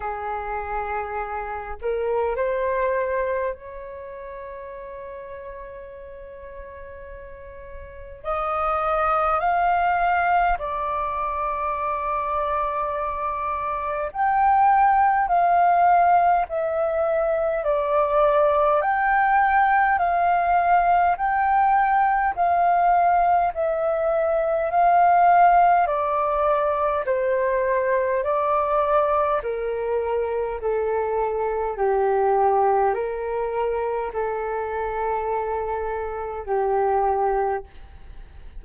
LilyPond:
\new Staff \with { instrumentName = "flute" } { \time 4/4 \tempo 4 = 51 gis'4. ais'8 c''4 cis''4~ | cis''2. dis''4 | f''4 d''2. | g''4 f''4 e''4 d''4 |
g''4 f''4 g''4 f''4 | e''4 f''4 d''4 c''4 | d''4 ais'4 a'4 g'4 | ais'4 a'2 g'4 | }